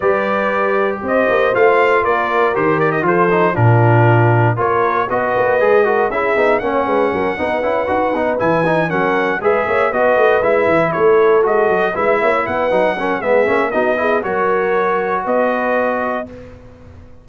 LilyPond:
<<
  \new Staff \with { instrumentName = "trumpet" } { \time 4/4 \tempo 4 = 118 d''2 dis''4 f''4 | d''4 c''8 d''16 dis''16 c''4 ais'4~ | ais'4 cis''4 dis''2 | e''4 fis''2.~ |
fis''8 gis''4 fis''4 e''4 dis''8~ | dis''8 e''4 cis''4 dis''4 e''8~ | e''8 fis''4. e''4 dis''4 | cis''2 dis''2 | }
  \new Staff \with { instrumentName = "horn" } { \time 4/4 b'2 c''2 | ais'2 a'4 f'4~ | f'4 ais'4 b'4. ais'8 | gis'4 cis''8 b'8 ais'8 b'4.~ |
b'4. ais'4 b'8 cis''8 b'8~ | b'4. a'2 b'8 | cis''8 b'4 ais'8 gis'4 fis'8 gis'8 | ais'2 b'2 | }
  \new Staff \with { instrumentName = "trombone" } { \time 4/4 g'2. f'4~ | f'4 g'4 f'8 dis'8 d'4~ | d'4 f'4 fis'4 gis'8 fis'8 | e'8 dis'8 cis'4. dis'8 e'8 fis'8 |
dis'8 e'8 dis'8 cis'4 gis'4 fis'8~ | fis'8 e'2 fis'4 e'8~ | e'4 dis'8 cis'8 b8 cis'8 dis'8 e'8 | fis'1 | }
  \new Staff \with { instrumentName = "tuba" } { \time 4/4 g2 c'8 ais8 a4 | ais4 dis4 f4 ais,4~ | ais,4 ais4 b8 ais8 gis4 | cis'8 b8 ais8 gis8 fis8 b8 cis'8 dis'8 |
b8 e4 fis4 gis8 ais8 b8 | a8 gis8 e8 a4 gis8 fis8 gis8 | ais8 b8 fis4 gis8 ais8 b4 | fis2 b2 | }
>>